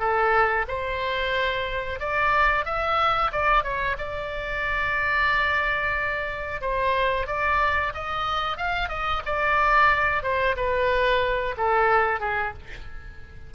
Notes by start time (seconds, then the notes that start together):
0.00 A4
0.68 C5
2.00 D5
2.66 E5
3.32 D5
3.64 C#5
3.98 D5
6.61 C5
7.27 D5
7.94 D#5
8.57 F5
8.89 D#5
9.26 D5
10.23 C5
10.57 B4
11.57 A4
12.20 G#4